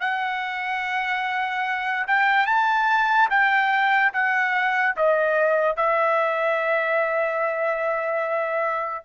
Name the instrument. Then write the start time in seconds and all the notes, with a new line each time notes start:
trumpet
0.00 F#5
2.07 G5
2.46 A5
3.30 G5
4.13 F#5
4.96 D#5
5.76 E5